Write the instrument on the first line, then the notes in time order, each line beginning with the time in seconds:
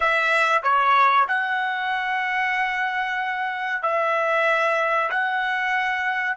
trumpet
0.00 E5
0.62 C#5
1.28 F#5
3.82 E5
5.10 F#5